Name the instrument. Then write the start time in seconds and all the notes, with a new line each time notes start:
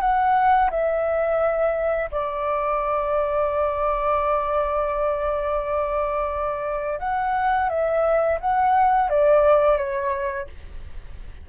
flute
0.00 F#5
0.70 E5
2.11 D5
6.99 F#5
7.69 E5
8.40 F#5
9.09 D5
9.77 C#5